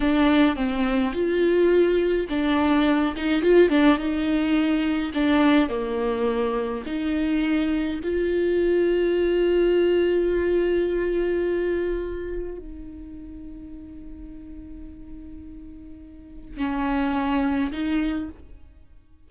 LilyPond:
\new Staff \with { instrumentName = "viola" } { \time 4/4 \tempo 4 = 105 d'4 c'4 f'2 | d'4. dis'8 f'8 d'8 dis'4~ | dis'4 d'4 ais2 | dis'2 f'2~ |
f'1~ | f'2 dis'2~ | dis'1~ | dis'4 cis'2 dis'4 | }